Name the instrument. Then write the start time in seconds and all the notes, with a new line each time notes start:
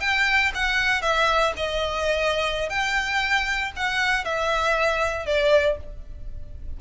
violin
0.00 G5
0.54 F#5
1.01 E5
1.56 D#5
2.69 G5
3.76 F#5
4.24 E5
5.25 D5